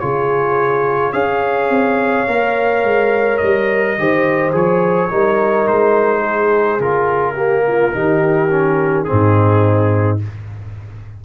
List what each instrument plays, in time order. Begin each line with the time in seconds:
0.00 tuba C#3, trombone F4, horn G#4, trumpet C#5
1.13 tuba C#4, trombone G#4, horn C#5, trumpet F5
1.70 tuba C4
2.27 tuba A#3, trombone A#4
2.83 tuba G#3
3.38 tuba G3, trumpet D#5
3.99 tuba D#3, trombone G4, horn C5
4.52 tuba F3, trombone G#4, trumpet C#5
5.10 tuba G3, trombone D#4, horn A#4
5.68 tuba G#3, trumpet C5
6.20 horn G#4
6.80 tuba C#3, trombone F4, trumpet A#4
7.34 trombone A#3, horn G4
7.68 horn F4
7.92 tuba D#3, trombone D#4, horn G4
8.50 trombone C#4
9.04 trombone C4, horn D#4, trumpet G#4
9.12 tuba G#2